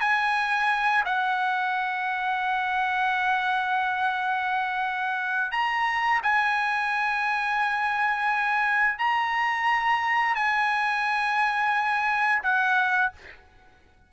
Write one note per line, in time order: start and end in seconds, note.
0.00 1.03 G#5
1.05 5.51 F#5
5.51 6.20 A#5
6.23 8.98 G#5
8.98 10.35 A#5
10.35 12.42 G#5
12.43 13.12 F#5